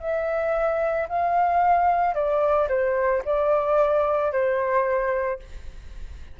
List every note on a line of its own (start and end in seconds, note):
0.00 1.07 E5
1.09 2.14 F5
2.14 2.68 D5
2.68 3.22 C5
3.25 4.32 D5
4.32 5.39 C5